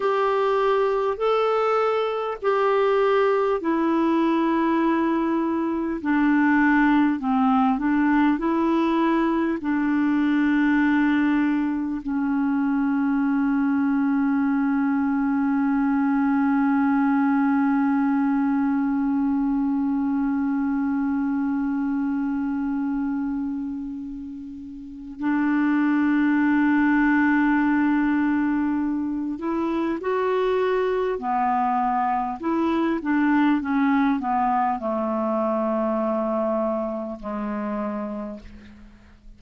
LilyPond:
\new Staff \with { instrumentName = "clarinet" } { \time 4/4 \tempo 4 = 50 g'4 a'4 g'4 e'4~ | e'4 d'4 c'8 d'8 e'4 | d'2 cis'2~ | cis'1~ |
cis'1~ | cis'4 d'2.~ | d'8 e'8 fis'4 b4 e'8 d'8 | cis'8 b8 a2 gis4 | }